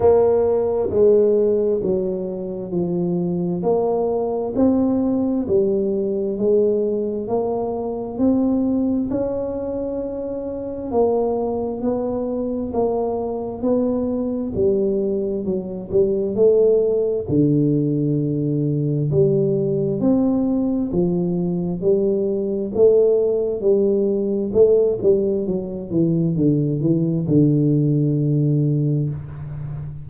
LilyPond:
\new Staff \with { instrumentName = "tuba" } { \time 4/4 \tempo 4 = 66 ais4 gis4 fis4 f4 | ais4 c'4 g4 gis4 | ais4 c'4 cis'2 | ais4 b4 ais4 b4 |
g4 fis8 g8 a4 d4~ | d4 g4 c'4 f4 | g4 a4 g4 a8 g8 | fis8 e8 d8 e8 d2 | }